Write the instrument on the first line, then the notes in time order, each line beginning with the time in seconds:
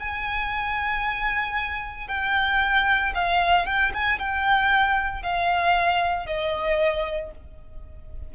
violin
0.00 G#5
2.08 G5
3.15 F5
3.66 G5
3.94 G#5
4.19 G5
5.22 F5
6.26 D#5